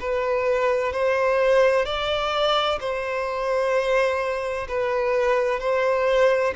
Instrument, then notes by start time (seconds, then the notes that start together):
violin
0.00 B4
0.92 C5
1.85 D5
2.80 C5
4.68 B4
5.60 C5